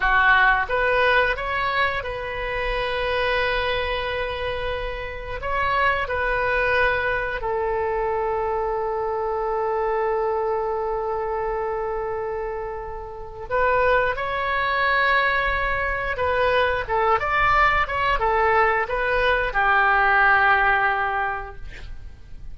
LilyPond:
\new Staff \with { instrumentName = "oboe" } { \time 4/4 \tempo 4 = 89 fis'4 b'4 cis''4 b'4~ | b'1 | cis''4 b'2 a'4~ | a'1~ |
a'1 | b'4 cis''2. | b'4 a'8 d''4 cis''8 a'4 | b'4 g'2. | }